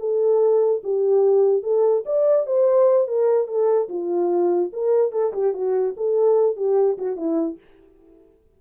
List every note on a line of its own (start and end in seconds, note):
0.00 0.82 A4
0.84 1.63 G4
1.63 2.04 A4
2.06 2.47 D5
2.47 3.08 C5
3.08 3.48 A#4
3.48 3.89 A4
3.89 4.71 F4
4.73 5.12 A#4
5.12 5.33 A4
5.34 5.54 G4
5.54 5.95 F#4
5.97 6.57 A4
6.57 6.98 G4
6.98 7.17 F#4
7.17 7.58 E4